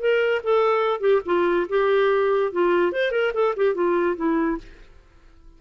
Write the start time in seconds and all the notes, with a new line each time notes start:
0.00 A#4
0.44 A4
1.01 G4
1.26 F4
1.69 G4
2.53 F4
2.92 C5
3.12 A#4
3.34 A4
3.56 G4
3.75 F4
4.16 E4